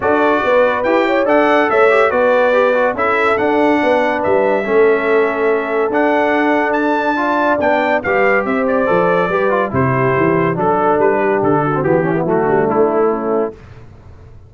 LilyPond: <<
  \new Staff \with { instrumentName = "trumpet" } { \time 4/4 \tempo 4 = 142 d''2 g''4 fis''4 | e''4 d''2 e''4 | fis''2 e''2~ | e''2 fis''2 |
a''2 g''4 f''4 | e''8 d''2~ d''8 c''4~ | c''4 a'4 b'4 a'4 | g'4 fis'4 e'2 | }
  \new Staff \with { instrumentName = "horn" } { \time 4/4 a'4 b'4. cis''8 d''4 | cis''4 b'2 a'4~ | a'4 b'2 a'4~ | a'1~ |
a'4 d''2 b'4 | c''2 b'4 g'4~ | g'4 a'4. g'4 fis'8~ | fis'8 e'4 d'4. cis'4 | }
  \new Staff \with { instrumentName = "trombone" } { \time 4/4 fis'2 g'4 a'4~ | a'8 g'8 fis'4 g'8 fis'8 e'4 | d'2. cis'4~ | cis'2 d'2~ |
d'4 f'4 d'4 g'4~ | g'4 a'4 g'8 f'8 e'4~ | e'4 d'2~ d'8. c'16 | b8 cis'16 b16 a2. | }
  \new Staff \with { instrumentName = "tuba" } { \time 4/4 d'4 b4 e'4 d'4 | a4 b2 cis'4 | d'4 b4 g4 a4~ | a2 d'2~ |
d'2 b4 g4 | c'4 f4 g4 c4 | e4 fis4 g4 d4 | e4 fis8 g8 a2 | }
>>